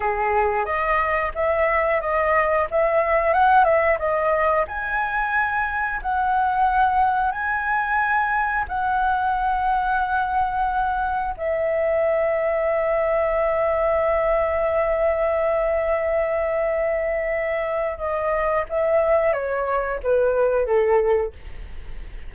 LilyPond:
\new Staff \with { instrumentName = "flute" } { \time 4/4 \tempo 4 = 90 gis'4 dis''4 e''4 dis''4 | e''4 fis''8 e''8 dis''4 gis''4~ | gis''4 fis''2 gis''4~ | gis''4 fis''2.~ |
fis''4 e''2.~ | e''1~ | e''2. dis''4 | e''4 cis''4 b'4 a'4 | }